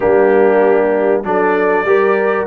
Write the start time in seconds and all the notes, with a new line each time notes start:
0.00 G3 A#3 D4 G4
1.23 F#3 D4 A4 D5
1.84 G3 G4 A#4